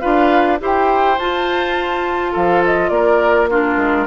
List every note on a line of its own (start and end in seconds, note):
0.00 0.61 D4
0.00 0.59 F4
0.00 0.59 B4
0.00 0.58 F5
0.60 1.19 E4
0.60 1.17 G4
0.60 2.32 C5
0.60 1.19 G5
1.19 2.34 F4
1.19 3.50 F4
1.19 2.34 A5
2.32 2.90 F3
2.32 2.90 A4
2.32 2.64 F5
2.65 2.89 D#5
2.89 3.76 A#3
2.89 3.50 A#4
2.89 3.47 D5
3.50 4.07 D4
3.50 4.07 F4
3.50 4.07 A#4
3.77 4.06 G#3